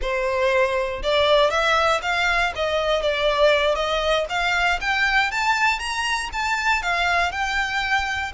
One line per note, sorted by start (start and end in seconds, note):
0.01 1.02 C5
1.02 1.50 D5
1.50 2.00 E5
2.02 2.52 F5
2.55 3.02 D#5
3.02 3.75 D5
3.75 4.25 D#5
4.29 4.79 F5
4.80 5.31 G5
5.31 5.79 A5
5.79 6.29 A#5
6.32 6.82 A5
6.82 7.31 F5
7.31 8.32 G5